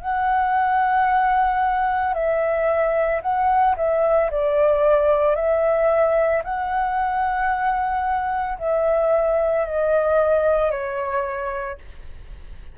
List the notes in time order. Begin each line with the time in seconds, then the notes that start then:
0.00 F#5
2.13 E5
3.21 F#5
3.76 E5
4.30 D5
5.35 E5
6.43 F#5
8.58 E5
9.65 D#5
10.70 C#5